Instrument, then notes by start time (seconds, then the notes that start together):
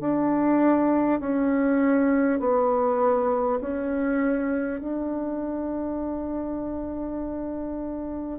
bassoon
0.00 D4
1.19 C#4
2.39 B3
3.61 C#4
4.80 D4